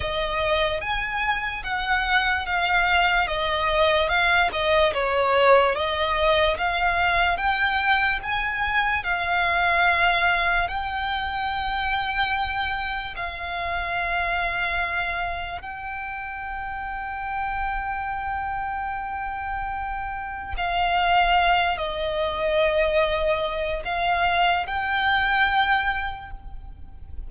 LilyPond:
\new Staff \with { instrumentName = "violin" } { \time 4/4 \tempo 4 = 73 dis''4 gis''4 fis''4 f''4 | dis''4 f''8 dis''8 cis''4 dis''4 | f''4 g''4 gis''4 f''4~ | f''4 g''2. |
f''2. g''4~ | g''1~ | g''4 f''4. dis''4.~ | dis''4 f''4 g''2 | }